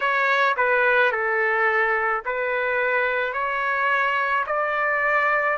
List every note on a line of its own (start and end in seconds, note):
0.00 0.55 C#5
0.57 1.11 B4
1.11 2.22 A4
2.25 3.33 B4
3.33 4.44 C#5
4.46 5.57 D5